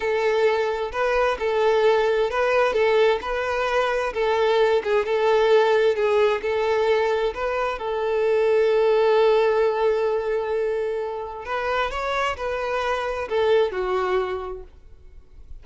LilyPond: \new Staff \with { instrumentName = "violin" } { \time 4/4 \tempo 4 = 131 a'2 b'4 a'4~ | a'4 b'4 a'4 b'4~ | b'4 a'4. gis'8 a'4~ | a'4 gis'4 a'2 |
b'4 a'2.~ | a'1~ | a'4 b'4 cis''4 b'4~ | b'4 a'4 fis'2 | }